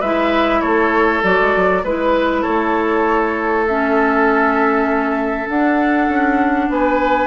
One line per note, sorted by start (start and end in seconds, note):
0.00 0.62 G#3
0.00 1.23 E4
0.00 0.61 B4
0.00 0.61 E5
0.61 1.23 A3
0.61 1.82 A4
0.61 1.21 C#5
1.23 1.38 F#3
1.23 1.83 F#4
1.23 1.84 D5
1.41 1.56 G#3
1.56 1.83 F#3
1.83 2.44 G#3
1.83 3.68 E4
1.83 2.41 B4
1.83 2.43 B4
2.41 5.48 A3
2.41 6.66 A4
2.41 3.64 C#5
3.67 5.47 C#4
3.67 5.49 E5
5.47 7.26 D4
5.47 6.08 D4
5.47 6.71 F#5
6.08 6.69 C#4
6.69 7.26 B3
6.69 7.26 B4
6.69 7.26 G#5